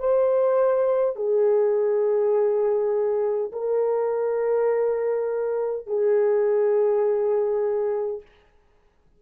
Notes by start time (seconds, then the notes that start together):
0.00 C5
1.17 G#4
3.52 A#4
5.87 G#4